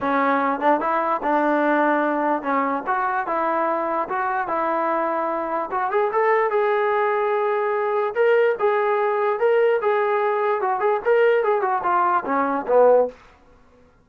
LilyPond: \new Staff \with { instrumentName = "trombone" } { \time 4/4 \tempo 4 = 147 cis'4. d'8 e'4 d'4~ | d'2 cis'4 fis'4 | e'2 fis'4 e'4~ | e'2 fis'8 gis'8 a'4 |
gis'1 | ais'4 gis'2 ais'4 | gis'2 fis'8 gis'8 ais'4 | gis'8 fis'8 f'4 cis'4 b4 | }